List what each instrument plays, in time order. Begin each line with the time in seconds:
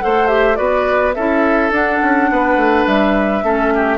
0.00 bassoon A3, clarinet A4, oboe C5, flute F#5
0.27 clarinet G4, flute E5
0.55 bassoon B3, clarinet F#4, oboe B4, flute D5
1.14 bassoon C#4, clarinet E4, oboe A4, flute E5
1.71 bassoon D4, clarinet D4, flute F#5
2.02 bassoon C#4
2.31 bassoon B3, oboe B4
2.57 bassoon A3
2.86 bassoon G3, flute E5
3.43 bassoon A3, clarinet C#4, oboe A4
3.75 oboe G4